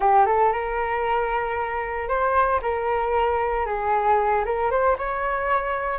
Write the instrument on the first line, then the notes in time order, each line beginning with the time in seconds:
flute
0.00 G4
0.26 A4
0.52 A#4
2.08 C5
2.62 A#4
3.66 G#4
4.45 A#4
4.70 C5
4.98 C#5